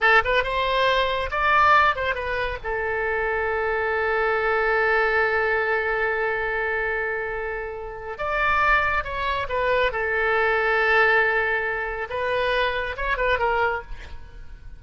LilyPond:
\new Staff \with { instrumentName = "oboe" } { \time 4/4 \tempo 4 = 139 a'8 b'8 c''2 d''4~ | d''8 c''8 b'4 a'2~ | a'1~ | a'1~ |
a'2. d''4~ | d''4 cis''4 b'4 a'4~ | a'1 | b'2 cis''8 b'8 ais'4 | }